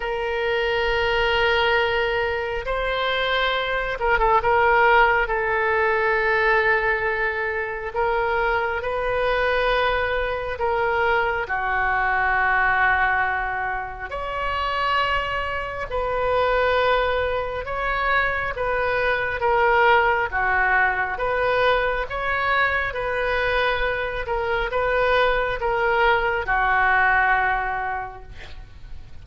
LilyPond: \new Staff \with { instrumentName = "oboe" } { \time 4/4 \tempo 4 = 68 ais'2. c''4~ | c''8 ais'16 a'16 ais'4 a'2~ | a'4 ais'4 b'2 | ais'4 fis'2. |
cis''2 b'2 | cis''4 b'4 ais'4 fis'4 | b'4 cis''4 b'4. ais'8 | b'4 ais'4 fis'2 | }